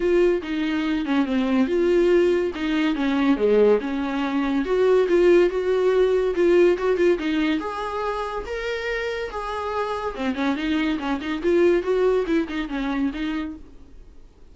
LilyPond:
\new Staff \with { instrumentName = "viola" } { \time 4/4 \tempo 4 = 142 f'4 dis'4. cis'8 c'4 | f'2 dis'4 cis'4 | gis4 cis'2 fis'4 | f'4 fis'2 f'4 |
fis'8 f'8 dis'4 gis'2 | ais'2 gis'2 | c'8 cis'8 dis'4 cis'8 dis'8 f'4 | fis'4 e'8 dis'8 cis'4 dis'4 | }